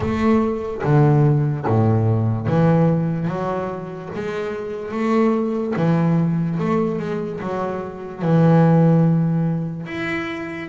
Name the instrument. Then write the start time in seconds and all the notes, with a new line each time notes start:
double bass
0.00 A3
0.83 D3
1.67 A2
2.46 E3
3.27 F#3
4.14 G#3
4.91 A3
5.76 E3
6.59 A3
6.99 G#3
7.40 F#3
8.22 E3
9.86 E4